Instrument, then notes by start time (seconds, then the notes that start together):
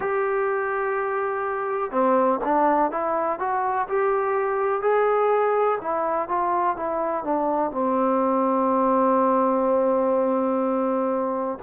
trombone
0.00 G4
1.91 C4
2.44 D4
2.91 E4
3.39 F#4
3.88 G4
4.81 G#4
5.81 E4
6.28 F4
6.76 E4
7.24 D4
7.71 C4